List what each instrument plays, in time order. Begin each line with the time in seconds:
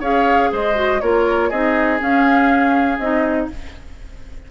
0.00 bassoon C#4, clarinet G#4, oboe C#5, flute F5
0.52 bassoon G#3, oboe C5, flute D#5
0.75 clarinet F#4
1.01 bassoon A#3, clarinet F4, oboe A#4, flute C#5
1.49 bassoon C4, clarinet D#4, oboe G#4, flute D#5
1.99 clarinet C#4, bassoon C#4, flute F5
2.99 bassoon C4, clarinet D#4, flute D#5